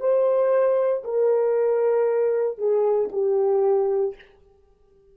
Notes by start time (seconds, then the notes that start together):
0.00 C5
1.04 A#4
2.58 G#4
3.12 G4